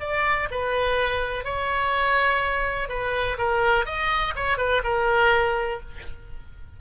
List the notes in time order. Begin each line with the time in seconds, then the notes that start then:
0.00 D5
0.51 B4
1.45 C#5
2.89 B4
3.38 A#4
3.86 D#5
4.36 C#5
4.58 B4
4.84 A#4